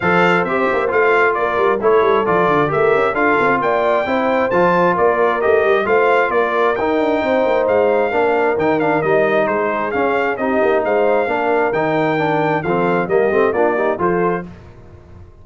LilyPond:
<<
  \new Staff \with { instrumentName = "trumpet" } { \time 4/4 \tempo 4 = 133 f''4 e''4 f''4 d''4 | cis''4 d''4 e''4 f''4 | g''2 a''4 d''4 | dis''4 f''4 d''4 g''4~ |
g''4 f''2 g''8 f''8 | dis''4 c''4 f''4 dis''4 | f''2 g''2 | f''4 dis''4 d''4 c''4 | }
  \new Staff \with { instrumentName = "horn" } { \time 4/4 c''2. ais'4 | a'2 ais'4 a'4 | d''4 c''2 ais'4~ | ais'4 c''4 ais'2 |
c''2 ais'2~ | ais'4 gis'2 g'4 | c''4 ais'2. | a'4 g'4 f'8 g'8 a'4 | }
  \new Staff \with { instrumentName = "trombone" } { \time 4/4 a'4 g'4 f'2 | e'4 f'4 g'4 f'4~ | f'4 e'4 f'2 | g'4 f'2 dis'4~ |
dis'2 d'4 dis'8 d'8 | dis'2 cis'4 dis'4~ | dis'4 d'4 dis'4 d'4 | c'4 ais8 c'8 d'8 dis'8 f'4 | }
  \new Staff \with { instrumentName = "tuba" } { \time 4/4 f4 c'8 ais8 a4 ais8 g8 | a8 g8 f8 d8 a8 cis'8 d'8 c'8 | ais4 c'4 f4 ais4 | a8 g8 a4 ais4 dis'8 d'8 |
c'8 ais8 gis4 ais4 dis4 | g4 gis4 cis'4 c'8 ais8 | gis4 ais4 dis2 | f4 g8 a8 ais4 f4 | }
>>